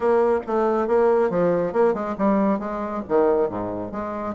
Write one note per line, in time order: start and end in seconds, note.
0.00 0.39 A#3
0.47 0.87 A3
0.87 1.30 A#3
1.30 1.73 F3
1.73 1.94 A#3
1.94 2.15 G#3
2.17 2.59 G3
2.59 3.02 G#3
3.08 3.49 D#3
3.49 3.91 G#2
3.91 4.35 G#3